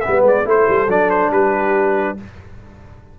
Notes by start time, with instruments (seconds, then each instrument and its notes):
0.00 trombone B3, horn B4, trumpet E5
0.07 tuba G3
0.22 tuba G#3, trumpet D5
0.44 tuba A3, trombone E4, horn A4, trumpet C5
0.68 tuba G3
0.87 tuba F#3, trombone D4, trumpet D5
1.10 trumpet C5
1.30 tuba G3, horn G4, trumpet B4